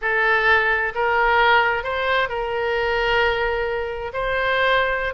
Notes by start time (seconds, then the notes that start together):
0.01 A4
0.94 A#4
1.83 C5
2.29 A#4
4.13 C5